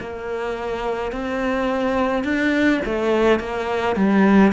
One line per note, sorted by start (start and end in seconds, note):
0.00 1.13 A#3
1.13 2.24 C4
2.24 2.81 D4
2.86 3.40 A3
3.40 3.96 A#3
3.96 4.53 G3